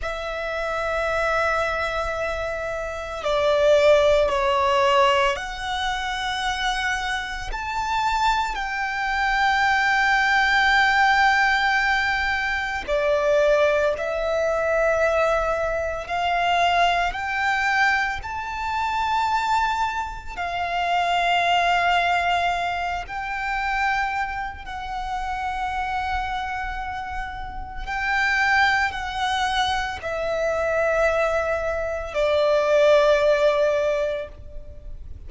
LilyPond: \new Staff \with { instrumentName = "violin" } { \time 4/4 \tempo 4 = 56 e''2. d''4 | cis''4 fis''2 a''4 | g''1 | d''4 e''2 f''4 |
g''4 a''2 f''4~ | f''4. g''4. fis''4~ | fis''2 g''4 fis''4 | e''2 d''2 | }